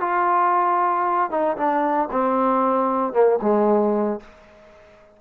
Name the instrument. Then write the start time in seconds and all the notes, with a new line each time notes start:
trombone
0.00 F4
1.30 D#4
1.57 D4
2.11 C4
3.13 A#3
3.42 G#3